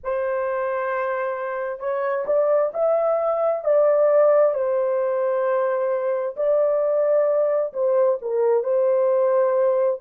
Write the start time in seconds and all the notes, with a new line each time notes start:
0.03 C5
1.79 C#5
2.26 D5
2.73 E5
3.64 D5
4.53 C5
6.36 D5
7.73 C5
8.21 A#4
8.63 C5